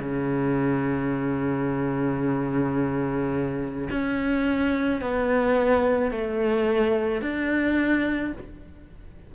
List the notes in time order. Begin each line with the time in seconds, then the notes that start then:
0.00 C#3
3.90 C#4
5.02 B3
6.12 A3
7.22 D4